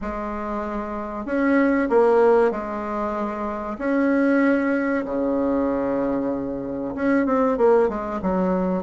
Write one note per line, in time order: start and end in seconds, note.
0.01 1.25 G#3
1.25 1.89 C#4
1.89 2.51 A#3
2.51 3.77 G#3
3.78 5.04 C#4
5.05 6.94 C#3
6.95 7.25 C#4
7.25 7.57 C4
7.57 7.89 A#3
7.89 8.20 G#3
8.22 8.83 F#3